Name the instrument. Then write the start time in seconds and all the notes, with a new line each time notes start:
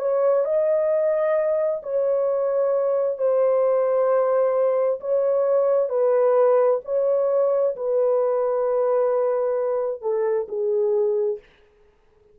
horn
0.00 C#5
0.45 D#5
1.83 C#5
3.19 C5
5.01 C#5
5.90 B4
6.86 C#5
7.76 B4
10.02 A4
10.49 G#4